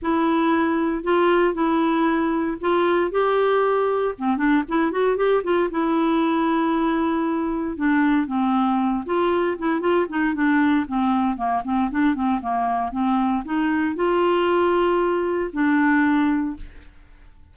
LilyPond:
\new Staff \with { instrumentName = "clarinet" } { \time 4/4 \tempo 4 = 116 e'2 f'4 e'4~ | e'4 f'4 g'2 | c'8 d'8 e'8 fis'8 g'8 f'8 e'4~ | e'2. d'4 |
c'4. f'4 e'8 f'8 dis'8 | d'4 c'4 ais8 c'8 d'8 c'8 | ais4 c'4 dis'4 f'4~ | f'2 d'2 | }